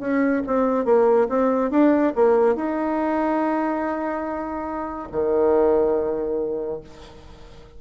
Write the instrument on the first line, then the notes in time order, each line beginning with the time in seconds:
bassoon
0.00 C#4
0.47 C4
0.86 A#3
1.29 C4
1.71 D4
2.16 A#3
2.55 D#4
5.12 D#3